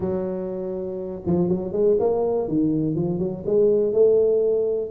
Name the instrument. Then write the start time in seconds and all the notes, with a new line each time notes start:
tuba
0.00 F#3
1.26 F3
1.48 F#3
1.72 G#3
1.99 A#3
2.48 D#3
2.95 F3
3.19 F#3
3.46 G#3
3.92 A3